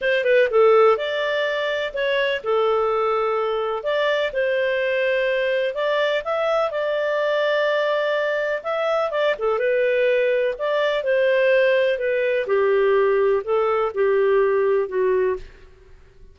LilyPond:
\new Staff \with { instrumentName = "clarinet" } { \time 4/4 \tempo 4 = 125 c''8 b'8 a'4 d''2 | cis''4 a'2. | d''4 c''2. | d''4 e''4 d''2~ |
d''2 e''4 d''8 a'8 | b'2 d''4 c''4~ | c''4 b'4 g'2 | a'4 g'2 fis'4 | }